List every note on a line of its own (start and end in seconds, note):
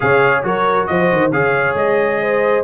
0.00 0.43 C#3
0.00 0.43 G#4
0.00 0.44 C#5
0.00 0.44 F5
0.43 0.87 F#3
0.43 1.31 F#4
0.43 0.88 A#4
0.43 0.86 C#5
0.86 1.11 F3
0.86 1.33 C5
0.86 1.31 D#5
1.12 1.32 D#3
1.32 1.74 C#3
1.32 2.64 G#4
1.32 2.21 C#5
1.32 1.76 F5
1.74 2.62 G#3
1.74 2.64 D#5
2.21 2.64 C5